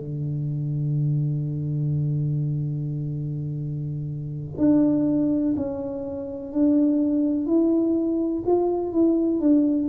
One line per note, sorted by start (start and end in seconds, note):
0.00 4.58 D3
4.58 5.55 D4
5.57 6.53 C#4
6.53 7.47 D4
7.47 8.44 E4
8.47 8.93 F4
8.93 9.41 E4
9.41 9.89 D4